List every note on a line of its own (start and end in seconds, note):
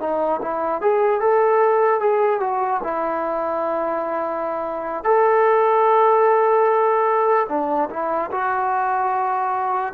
0.00 0.41 D#4
0.42 0.81 E4
0.81 1.21 G#4
1.21 2.00 A4
2.00 2.40 G#4
2.40 2.81 F#4
2.83 5.04 E4
5.04 7.47 A4
7.49 7.89 D4
7.90 8.31 E4
8.31 9.94 F#4